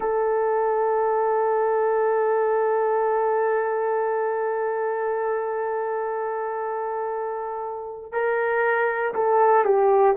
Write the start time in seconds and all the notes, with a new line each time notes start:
0.00 A4
8.12 A#4
9.14 A4
9.64 G4